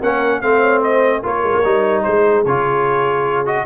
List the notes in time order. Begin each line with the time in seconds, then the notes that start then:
0.00 A#3 C#4 A#4 F#5
0.41 A3 C4 C5 F5
0.60 C#5
0.80 C5 D#5
1.23 A#3 F4 A#4 C#5
1.43 G#3
1.55 A#3
1.64 G3 D#4
2.03 G#3 G#4 C5
2.45 C#3 F4 C#5
3.45 F#4 D#5